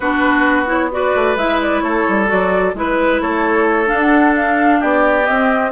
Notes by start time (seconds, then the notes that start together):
0.00 B3 D4 F#4 B4
0.66 E4 C#5
0.91 F#4 B4 D5
1.15 A3
1.36 G#3 E4 E5
1.61 D5
1.80 A3 A4 C#5
2.08 G3
2.26 F#3 F#4 D5
2.74 G#3 E4 B4
3.21 A3 A4 C#5
3.86 D4 F5
4.00 F#5
4.35 F5
4.79 B3 G4 D5
5.25 C4 D#5